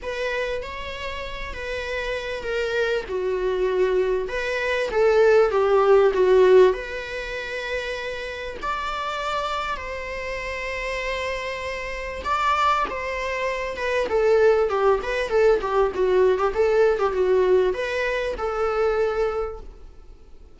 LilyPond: \new Staff \with { instrumentName = "viola" } { \time 4/4 \tempo 4 = 98 b'4 cis''4. b'4. | ais'4 fis'2 b'4 | a'4 g'4 fis'4 b'4~ | b'2 d''2 |
c''1 | d''4 c''4. b'8 a'4 | g'8 b'8 a'8 g'8 fis'8. g'16 a'8. g'16 | fis'4 b'4 a'2 | }